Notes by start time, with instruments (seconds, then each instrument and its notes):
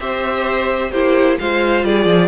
0.00 cello C4, viola G4, violin C5 E5
0.91 cello A#3, viola E4, violin G4 C5
1.39 cello G#3, viola F4, violin C5 F5
1.84 cello G3, violin G#4 D5
2.06 cello F3